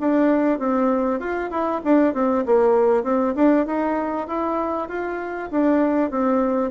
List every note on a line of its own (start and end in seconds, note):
0.00 0.59 D4
0.59 1.20 C4
1.20 1.50 F4
1.51 1.81 E4
1.84 2.14 D4
2.14 2.45 C4
2.45 3.03 A#3
3.03 3.34 C4
3.35 3.66 D4
3.66 4.27 D#4
4.27 4.88 E4
4.88 5.50 F4
5.51 6.11 D4
6.11 6.71 C4